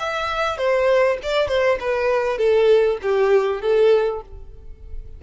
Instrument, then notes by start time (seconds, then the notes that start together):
violin
0.00 E5
0.58 C5
1.23 D5
1.48 C5
1.80 B4
2.38 A4
3.02 G4
3.62 A4